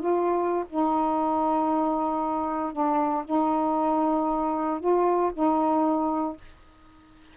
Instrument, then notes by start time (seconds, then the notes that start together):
saxophone
0.00 F4
0.70 D#4
2.73 D4
3.25 D#4
4.80 F4
5.33 D#4